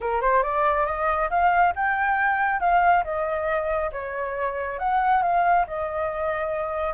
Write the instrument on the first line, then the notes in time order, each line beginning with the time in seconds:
flute
0.00 A#4
0.21 C5
0.42 D5
0.86 D#5
1.29 F5
1.75 G5
2.60 F5
3.04 D#5
3.92 C#5
4.78 F#5
5.22 F5
5.67 D#5